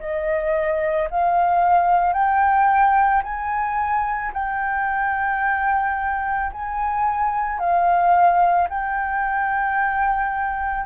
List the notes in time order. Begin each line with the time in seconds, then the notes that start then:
0.00 D#5
1.11 F5
2.14 G5
3.23 G#5
4.33 G5
6.53 G#5
7.59 F5
8.70 G5